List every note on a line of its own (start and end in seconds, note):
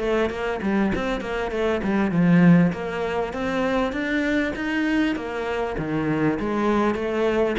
0.00 0.30 A3
0.30 0.60 A#3
0.62 0.92 G3
0.95 1.21 C4
1.21 1.51 A#3
1.51 1.82 A3
1.83 2.12 G3
2.12 2.72 F3
2.73 3.33 A#3
3.33 3.92 C4
3.92 4.53 D4
4.56 5.16 D#4
5.16 5.76 A#3
5.78 6.39 D#3
6.40 6.95 G#3
6.95 7.56 A3